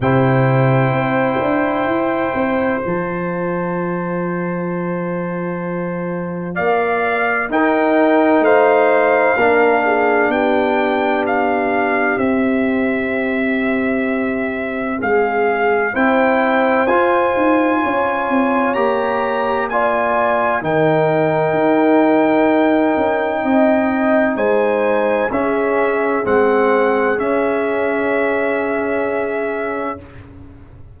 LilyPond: <<
  \new Staff \with { instrumentName = "trumpet" } { \time 4/4 \tempo 4 = 64 g''2. a''4~ | a''2. f''4 | g''4 f''2 g''4 | f''4 e''2. |
f''4 g''4 gis''2 | ais''4 gis''4 g''2~ | g''2 gis''4 e''4 | fis''4 e''2. | }
  \new Staff \with { instrumentName = "horn" } { \time 4/4 c''1~ | c''2. d''4 | ais'4 c''4 ais'8 gis'8 g'4~ | g'1 |
gis'4 c''2 cis''4~ | cis''4 d''4 ais'2~ | ais'4 dis''4 c''4 gis'4~ | gis'1 | }
  \new Staff \with { instrumentName = "trombone" } { \time 4/4 e'2. f'4~ | f'1 | dis'2 d'2~ | d'4 c'2.~ |
c'4 e'4 f'2 | g'4 f'4 dis'2~ | dis'2. cis'4 | c'4 cis'2. | }
  \new Staff \with { instrumentName = "tuba" } { \time 4/4 c4 c'8 d'8 e'8 c'8 f4~ | f2. ais4 | dis'4 a4 ais4 b4~ | b4 c'2. |
gis4 c'4 f'8 dis'8 cis'8 c'8 | ais2 dis4 dis'4~ | dis'8 cis'8 c'4 gis4 cis'4 | gis4 cis'2. | }
>>